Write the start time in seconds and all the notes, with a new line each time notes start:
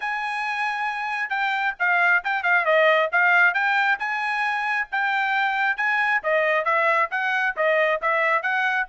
0.00 G#5
1.29 G5
1.79 F5
2.23 G5
2.43 F5
2.65 D#5
3.12 F5
3.54 G5
3.99 G#5
4.91 G5
5.76 G#5
6.23 D#5
6.64 E5
7.11 F#5
7.56 D#5
8.01 E5
8.42 F#5